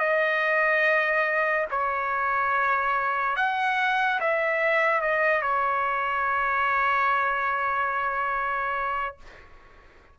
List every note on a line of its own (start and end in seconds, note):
0.00 1.67 D#5
1.71 3.37 C#5
3.37 4.20 F#5
4.21 5.02 E5
5.02 5.42 D#5
5.42 9.17 C#5